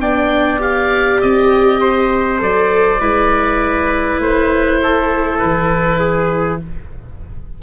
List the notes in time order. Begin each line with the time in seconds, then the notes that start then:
0.00 B3 D4 D5 G5
0.60 G4 F5
1.22 C4 D#5
1.81 C5
2.39 F#3 A4 D5
3.00 G#3 E4 B4
4.19 A3 C5
4.83 A4
5.38 E3 B4
6.00 G#4